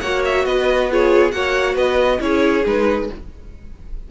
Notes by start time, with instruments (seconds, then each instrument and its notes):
0.00 cello A#3, viola F#4, violin C#5 F#5
0.25 violin E5
0.45 cello B3, violin B4 D#5
0.91 viola F4, violin G#4 C#5
1.32 cello A#3, viola F#4, violin C#5 F#5
1.74 cello B3, violin B4 D#5
2.19 cello C#4, viola E4, violin G#4 C#5
2.65 cello G#3, viola D#4, violin B4